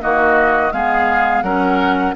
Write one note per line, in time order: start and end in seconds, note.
0.00 0.72 D#3
0.00 0.71 A#3
0.00 0.73 F#4
0.00 0.72 D#5
0.72 1.43 G#3
0.72 1.44 B3
0.72 1.44 G#4
0.72 1.43 F5
1.43 2.14 F#3
1.43 2.15 C#4
1.43 2.15 A#4
1.43 2.14 F#5